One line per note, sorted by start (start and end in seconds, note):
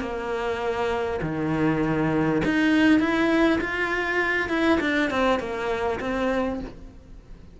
0.00 1.20 A#3
1.22 2.42 D#3
2.45 3.00 D#4
3.00 3.60 E4
3.61 4.49 F4
4.49 4.79 E4
4.80 5.10 D4
5.10 5.40 C4
5.40 6.00 A#3
6.00 6.60 C4